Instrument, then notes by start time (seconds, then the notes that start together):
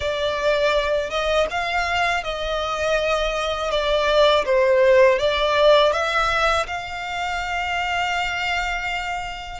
violin
0.00 D5
1.09 D#5
1.50 F5
2.23 D#5
3.70 D5
4.45 C5
5.19 D5
5.92 E5
6.67 F5